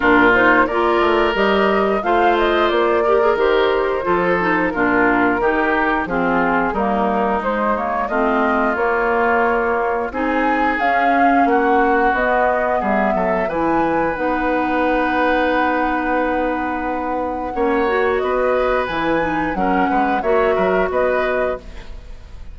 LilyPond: <<
  \new Staff \with { instrumentName = "flute" } { \time 4/4 \tempo 4 = 89 ais'8 c''8 d''4 dis''4 f''8 dis''8 | d''4 c''2 ais'4~ | ais'4 gis'4 ais'4 c''8 cis''8 | dis''4 cis''2 gis''4 |
f''4 fis''4 dis''4 e''4 | gis''4 fis''2.~ | fis''2. dis''4 | gis''4 fis''4 e''4 dis''4 | }
  \new Staff \with { instrumentName = "oboe" } { \time 4/4 f'4 ais'2 c''4~ | c''8 ais'4. a'4 f'4 | g'4 f'4 dis'2 | f'2. gis'4~ |
gis'4 fis'2 gis'8 a'8 | b'1~ | b'2 cis''4 b'4~ | b'4 ais'8 b'8 cis''8 ais'8 b'4 | }
  \new Staff \with { instrumentName = "clarinet" } { \time 4/4 d'8 dis'8 f'4 g'4 f'4~ | f'8 g'16 gis'16 g'4 f'8 dis'8 d'4 | dis'4 c'4 ais4 gis8 ais8 | c'4 ais2 dis'4 |
cis'2 b2 | e'4 dis'2.~ | dis'2 cis'8 fis'4. | e'8 dis'8 cis'4 fis'2 | }
  \new Staff \with { instrumentName = "bassoon" } { \time 4/4 ais,4 ais8 a8 g4 a4 | ais4 dis4 f4 ais,4 | dis4 f4 g4 gis4 | a4 ais2 c'4 |
cis'4 ais4 b4 g8 fis8 | e4 b2.~ | b2 ais4 b4 | e4 fis8 gis8 ais8 fis8 b4 | }
>>